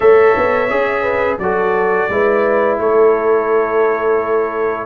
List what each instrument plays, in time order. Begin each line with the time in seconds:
0.00 tuba A3, trombone A4, horn C#5, trumpet E5
0.37 tuba B3
0.69 tuba C#4, trombone G#4
1.02 horn B4
1.38 tuba F#3, trombone F#4, horn A4, trumpet D5
2.09 tuba G#3, trombone E4, horn B4
2.78 tuba A3, horn A4, trumpet C#5